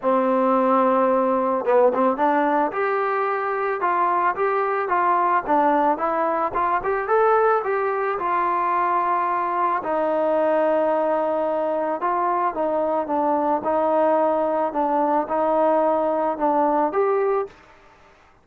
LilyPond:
\new Staff \with { instrumentName = "trombone" } { \time 4/4 \tempo 4 = 110 c'2. b8 c'8 | d'4 g'2 f'4 | g'4 f'4 d'4 e'4 | f'8 g'8 a'4 g'4 f'4~ |
f'2 dis'2~ | dis'2 f'4 dis'4 | d'4 dis'2 d'4 | dis'2 d'4 g'4 | }